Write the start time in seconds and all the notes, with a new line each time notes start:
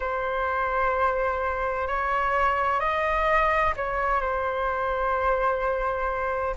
0.00 C5
1.87 C#5
2.80 D#5
3.76 C#5
4.21 C5